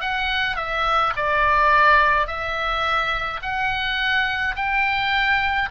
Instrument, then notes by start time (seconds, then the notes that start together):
oboe
0.00 F#5
0.56 E5
1.16 D5
2.27 E5
3.42 F#5
4.55 G5